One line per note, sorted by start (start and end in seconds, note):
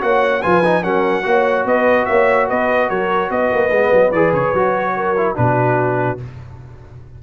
0.00 0.44 A#3
0.00 0.41 F#4
0.00 0.42 C#5
0.00 0.42 F#5
0.42 0.84 F3
0.42 0.63 F4
0.42 0.82 B4
0.42 0.83 G#5
0.64 0.83 D#4
0.82 1.25 F#3
0.82 1.23 C#4
0.82 1.24 A#4
0.82 1.65 F#5
1.23 1.65 A#3
1.23 3.69 F#4
1.23 1.66 C#5
1.65 2.06 B3
1.65 2.07 B4
1.65 2.05 D#5
2.05 2.50 A#3
2.05 2.48 C#5
2.05 2.46 E5
2.48 2.90 B3
2.48 2.89 B4
2.48 2.89 D#5
2.89 3.30 F#3
2.89 3.30 A#4
2.89 3.30 C#5
3.30 3.51 B3
3.30 4.95 B4
3.30 4.12 D#5
3.53 3.70 A#3
3.70 3.91 G#3
3.70 4.14 B3
3.92 4.12 F#3
4.12 4.32 E3
4.12 4.55 G#4
4.12 4.32 D5
4.33 4.53 C#3
4.33 5.36 C#5
4.54 5.36 F#3
4.54 5.17 F#4
4.96 5.37 A#4
5.17 5.35 E4
5.35 6.20 B2
5.35 6.17 D4
5.35 6.22 F#4
5.35 6.18 B4